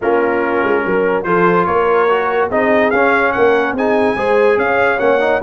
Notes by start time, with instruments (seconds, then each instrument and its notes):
0.01 tuba A#3, trombone C#4, horn F4, trumpet A#4
0.63 tuba G#3
0.85 tuba F#3, horn A#4
1.23 tuba F3, trombone F4, horn A4, trumpet C5
1.65 tuba A#3, horn A#4, trumpet C#5
2.09 trombone F#4
2.48 tuba C4, trombone D#4, horn G#4, trumpet D#5
2.90 tuba C#4, trombone C#4, trumpet F5
3.32 tuba A#3, horn A#4, trumpet F#5
3.72 tuba C4, trombone D#4, horn G#4, trumpet G#5
4.16 tuba G#3, trombone G#4, horn C5
4.56 tuba C#4, horn C#5, trumpet F5
4.99 tuba A#3, trombone C#4, trumpet F#5
5.19 trombone D#4